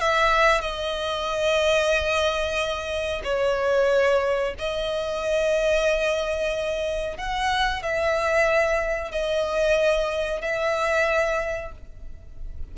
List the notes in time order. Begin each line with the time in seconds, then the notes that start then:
0.00 E5
0.61 D#5
3.24 C#5
4.59 D#5
7.17 F#5
7.83 E5
9.11 D#5
10.41 E5